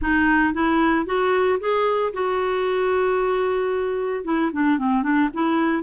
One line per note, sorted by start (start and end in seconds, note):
0.01 0.53 D#4
0.53 1.06 E4
1.06 1.59 F#4
1.59 2.12 G#4
2.13 4.24 F#4
4.24 4.51 E4
4.52 4.78 D4
4.78 5.02 C4
5.02 5.29 D4
5.33 5.83 E4